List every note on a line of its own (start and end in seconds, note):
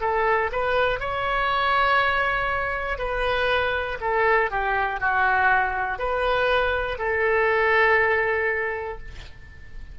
0.00 0.50 A4
0.51 1.00 B4
1.00 2.98 C#5
2.98 3.98 B4
4.00 4.50 A4
4.50 5.00 G4
5.00 5.98 F#4
5.98 6.98 B4
6.98 8.98 A4